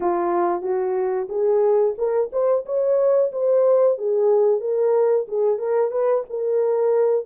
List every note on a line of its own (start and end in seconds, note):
0.00 0.62 F4
0.62 1.28 F#4
1.29 1.95 G#4
1.98 2.30 A#4
2.32 2.65 C5
2.65 3.31 C#5
3.31 3.97 C5
3.98 4.60 G#4
4.60 5.26 A#4
5.27 5.58 G#4
5.58 5.91 A#4
5.91 6.24 B4
6.29 7.25 A#4